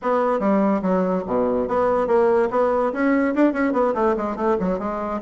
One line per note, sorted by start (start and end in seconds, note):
0.02 0.39 B3
0.39 0.81 G3
0.82 1.23 F#3
1.27 1.67 B2
1.67 2.07 B3
2.07 2.48 A#3
2.50 2.92 B3
2.92 3.34 C#4
3.34 3.52 D4
3.52 3.73 C#4
3.73 3.93 B3
3.94 4.15 A3
4.16 4.36 G#3
4.36 4.56 A3
4.59 4.78 F#3
4.78 5.20 G#3